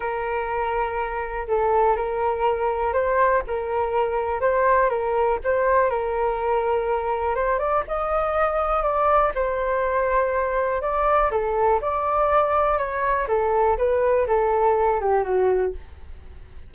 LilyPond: \new Staff \with { instrumentName = "flute" } { \time 4/4 \tempo 4 = 122 ais'2. a'4 | ais'2 c''4 ais'4~ | ais'4 c''4 ais'4 c''4 | ais'2. c''8 d''8 |
dis''2 d''4 c''4~ | c''2 d''4 a'4 | d''2 cis''4 a'4 | b'4 a'4. g'8 fis'4 | }